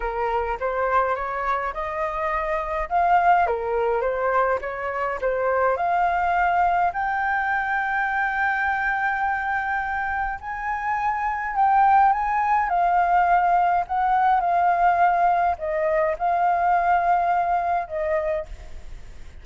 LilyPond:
\new Staff \with { instrumentName = "flute" } { \time 4/4 \tempo 4 = 104 ais'4 c''4 cis''4 dis''4~ | dis''4 f''4 ais'4 c''4 | cis''4 c''4 f''2 | g''1~ |
g''2 gis''2 | g''4 gis''4 f''2 | fis''4 f''2 dis''4 | f''2. dis''4 | }